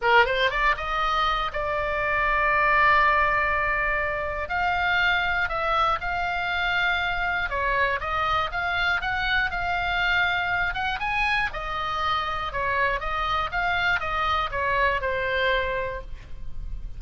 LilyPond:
\new Staff \with { instrumentName = "oboe" } { \time 4/4 \tempo 4 = 120 ais'8 c''8 d''8 dis''4. d''4~ | d''1~ | d''4 f''2 e''4 | f''2. cis''4 |
dis''4 f''4 fis''4 f''4~ | f''4. fis''8 gis''4 dis''4~ | dis''4 cis''4 dis''4 f''4 | dis''4 cis''4 c''2 | }